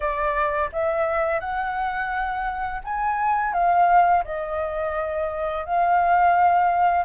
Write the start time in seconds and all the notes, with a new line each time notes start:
0.00 D5
0.72 E5
1.40 F#5
2.84 G#5
3.53 F5
4.24 D#5
5.65 F5